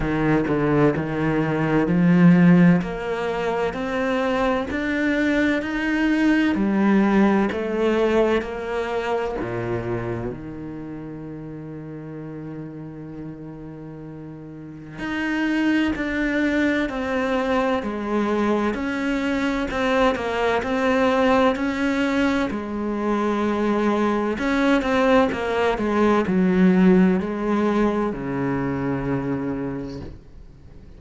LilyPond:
\new Staff \with { instrumentName = "cello" } { \time 4/4 \tempo 4 = 64 dis8 d8 dis4 f4 ais4 | c'4 d'4 dis'4 g4 | a4 ais4 ais,4 dis4~ | dis1 |
dis'4 d'4 c'4 gis4 | cis'4 c'8 ais8 c'4 cis'4 | gis2 cis'8 c'8 ais8 gis8 | fis4 gis4 cis2 | }